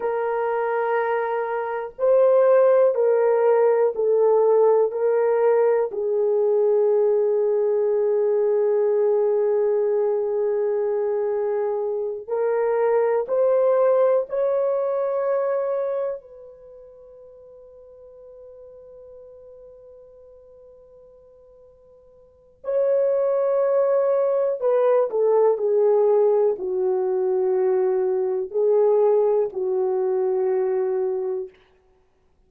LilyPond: \new Staff \with { instrumentName = "horn" } { \time 4/4 \tempo 4 = 61 ais'2 c''4 ais'4 | a'4 ais'4 gis'2~ | gis'1~ | gis'8 ais'4 c''4 cis''4.~ |
cis''8 b'2.~ b'8~ | b'2. cis''4~ | cis''4 b'8 a'8 gis'4 fis'4~ | fis'4 gis'4 fis'2 | }